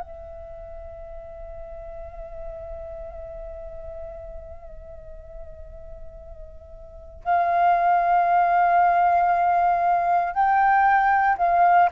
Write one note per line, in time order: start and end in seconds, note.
0.00 7.24 E5
7.25 10.34 F5
10.34 11.37 G5
11.38 11.90 F5